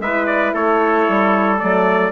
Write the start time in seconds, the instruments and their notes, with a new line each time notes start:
0.00 bassoon G#3, horn E4, trumpet B4 E5
0.27 trumpet D5
0.54 bassoon A3, trumpet A4 C#5
1.09 bassoon G3
1.59 bassoon F#3, horn A3, trumpet D5